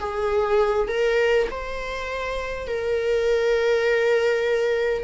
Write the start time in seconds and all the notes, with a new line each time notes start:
0.00 G#4
0.89 A#4
1.51 C5
2.68 A#4